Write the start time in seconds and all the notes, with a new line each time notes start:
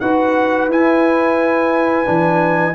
0.00 D#4 F#4 B4 F#5
0.68 E4 G#5
2.05 E3 D4